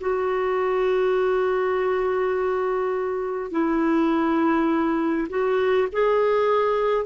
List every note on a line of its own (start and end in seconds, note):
0.00 3.51 F#4
3.51 5.27 E4
5.29 5.88 F#4
5.92 7.05 G#4